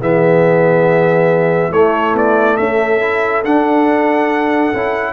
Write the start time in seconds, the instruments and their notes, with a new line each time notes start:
0.00 tuba E3, trombone B3, horn G#4, trumpet E5
1.71 tuba A3, trombone A3, horn E4, trumpet C#5
2.14 tuba B3, trumpet D5
2.57 tuba C#4, horn A4, trumpet E5
3.01 trombone E4
3.44 trombone D4, tuba D4, trumpet F#5
4.73 tuba C#4, trombone E4